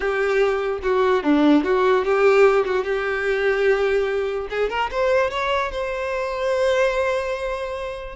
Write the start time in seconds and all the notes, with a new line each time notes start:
0.00 G4
0.82 F#4
1.23 D4
1.63 F#4
2.04 G4
2.65 F#4
2.84 G4
4.50 G#4
4.69 A#4
4.91 C5
5.30 C#5
5.71 C5